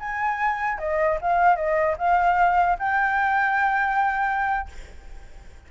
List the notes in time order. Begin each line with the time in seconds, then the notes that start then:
0.00 G#5
0.79 D#5
1.22 F5
1.56 D#5
1.98 F5
2.79 G5